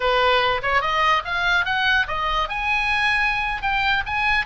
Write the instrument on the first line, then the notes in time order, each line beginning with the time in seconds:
oboe
0.00 B4
0.62 C#5
0.81 D#5
1.25 F5
1.65 F#5
2.07 D#5
2.48 G#5
3.62 G5
4.05 G#5